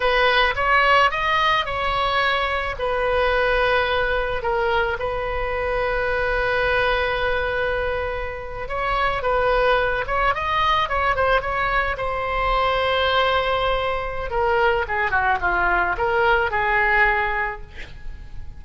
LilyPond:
\new Staff \with { instrumentName = "oboe" } { \time 4/4 \tempo 4 = 109 b'4 cis''4 dis''4 cis''4~ | cis''4 b'2. | ais'4 b'2.~ | b'2.~ b'8. cis''16~ |
cis''8. b'4. cis''8 dis''4 cis''16~ | cis''16 c''8 cis''4 c''2~ c''16~ | c''2 ais'4 gis'8 fis'8 | f'4 ais'4 gis'2 | }